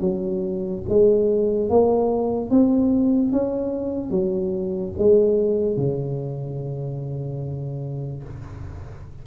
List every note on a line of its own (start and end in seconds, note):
0.00 0.82 F#3
0.89 1.69 G#3
1.69 2.50 A#3
2.50 3.31 C4
3.31 4.10 C#4
4.10 4.92 F#3
4.98 5.76 G#3
5.76 8.23 C#3